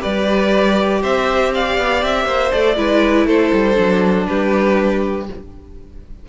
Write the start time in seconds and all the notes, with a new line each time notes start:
0.00 G3 G4 B4 D5
1.02 C4 C5 E5
1.54 D5 F5
1.78 B3
2.03 C4 E5
2.25 A#3 C5
2.52 A3 A4 D5
2.76 G#3 E4 B4
3.26 A3 A4 C5
3.53 G3
3.74 F#3 D4
4.27 G3 G4 B4